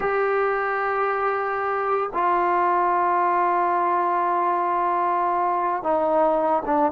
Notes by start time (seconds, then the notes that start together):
0.00 G4
2.13 F4
5.83 D#4
6.65 D4